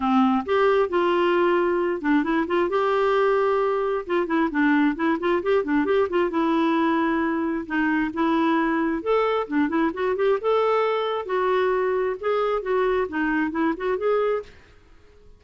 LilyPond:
\new Staff \with { instrumentName = "clarinet" } { \time 4/4 \tempo 4 = 133 c'4 g'4 f'2~ | f'8 d'8 e'8 f'8 g'2~ | g'4 f'8 e'8 d'4 e'8 f'8 | g'8 d'8 g'8 f'8 e'2~ |
e'4 dis'4 e'2 | a'4 d'8 e'8 fis'8 g'8 a'4~ | a'4 fis'2 gis'4 | fis'4 dis'4 e'8 fis'8 gis'4 | }